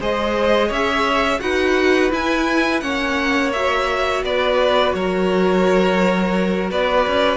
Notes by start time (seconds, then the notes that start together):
0.00 G#3 G#4 C5 D#5
0.68 C#4 C#5 E5
1.40 D#4 F#4 B4 F#5
2.10 E4 G#5
2.80 A#3 C#4 C#5 F#5
3.52 F#4 E5
4.23 B3 B4 D5
4.94 F#3 A#4 C#5
6.71 B3 B4 D5
7.07 C#4